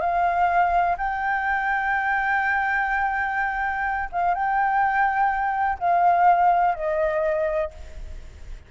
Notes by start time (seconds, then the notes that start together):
0.00 F5
0.97 G5
4.12 F5
4.34 G5
5.79 F5
6.75 D#5